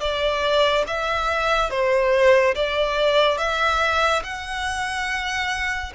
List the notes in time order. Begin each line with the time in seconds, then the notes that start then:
0.00 D5
0.87 E5
1.70 C5
2.55 D5
3.38 E5
4.23 F#5